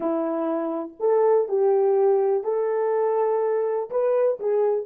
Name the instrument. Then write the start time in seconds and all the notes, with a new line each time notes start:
horn
0.00 E4
0.99 A4
1.48 G4
2.43 A4
3.90 B4
4.39 G#4